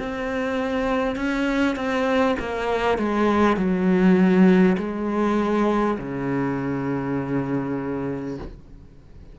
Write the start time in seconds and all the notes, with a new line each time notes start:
0.00 C4
1.16 C#4
1.76 C4
2.40 A#3
2.98 G#3
3.57 F#3
4.78 G#3
5.98 C#3